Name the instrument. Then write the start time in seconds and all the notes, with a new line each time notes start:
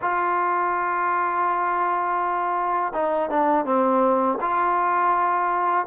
trombone
0.01 F4
2.93 D#4
3.30 D4
3.65 C4
4.41 F4